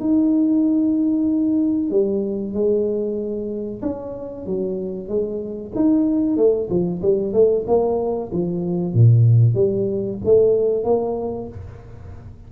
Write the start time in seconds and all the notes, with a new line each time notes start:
0.00 D#4
1.90 G3
2.54 G#3
3.82 C#4
4.46 F#3
5.08 G#3
5.75 D#4
6.37 A3
6.70 F3
7.02 G3
7.33 A3
7.67 A#3
8.32 F3
8.94 A#2
9.54 G3
10.25 A3
10.84 A#3